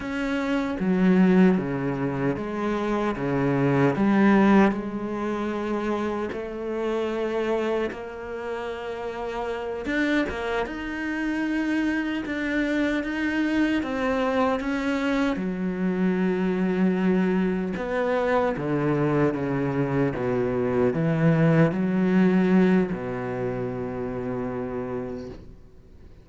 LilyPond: \new Staff \with { instrumentName = "cello" } { \time 4/4 \tempo 4 = 76 cis'4 fis4 cis4 gis4 | cis4 g4 gis2 | a2 ais2~ | ais8 d'8 ais8 dis'2 d'8~ |
d'8 dis'4 c'4 cis'4 fis8~ | fis2~ fis8 b4 d8~ | d8 cis4 b,4 e4 fis8~ | fis4 b,2. | }